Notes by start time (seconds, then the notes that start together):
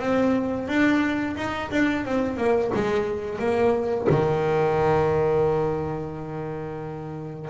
0.00 C4
0.68 D4
1.37 D#4
1.71 D4
2.05 C4
2.37 A#3
2.75 G#3
3.39 A#3
4.10 D#3